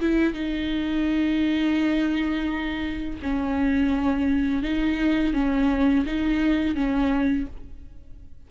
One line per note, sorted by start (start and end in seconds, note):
0.00 0.33 E4
0.33 3.19 D#4
3.22 4.63 C#4
4.63 5.33 D#4
5.33 6.05 C#4
6.06 6.75 D#4
6.75 7.46 C#4